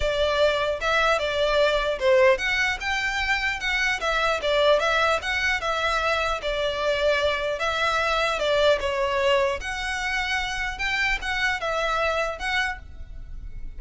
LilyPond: \new Staff \with { instrumentName = "violin" } { \time 4/4 \tempo 4 = 150 d''2 e''4 d''4~ | d''4 c''4 fis''4 g''4~ | g''4 fis''4 e''4 d''4 | e''4 fis''4 e''2 |
d''2. e''4~ | e''4 d''4 cis''2 | fis''2. g''4 | fis''4 e''2 fis''4 | }